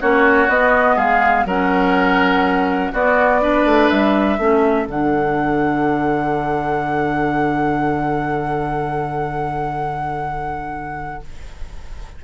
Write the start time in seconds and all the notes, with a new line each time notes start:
0.00 A#3 C#4 F#4 C#5
0.48 B3 D#5
0.96 G#3 G#4 F5
1.45 F#3 C#4 A#4 F#5
2.92 B3 F#4 D5
3.41 D4 B4
3.65 A3
3.89 G3 E5
4.38 A3 C#4 A4
4.86 D3 D4 F#5